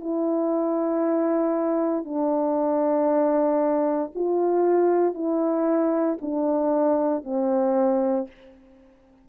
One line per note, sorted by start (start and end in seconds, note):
0.00 2.05 E4
2.05 4.11 D4
4.15 5.14 F4
5.14 6.17 E4
6.21 7.24 D4
7.24 8.27 C4